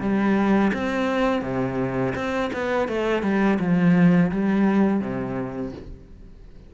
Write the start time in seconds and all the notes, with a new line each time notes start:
0.00 G3
0.73 C4
1.42 C3
2.15 C4
2.53 B3
2.88 A3
3.22 G3
3.59 F3
4.31 G3
5.00 C3